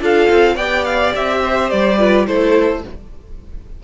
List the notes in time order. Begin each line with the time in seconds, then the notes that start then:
0.00 D4 F4 A4 F5
0.30 C4
0.55 B3 G4 D5 G5
0.85 F5
1.15 C4 E5
1.44 C5
1.70 G3 D5
1.98 F4 B4
2.26 A3 E4 A4 C5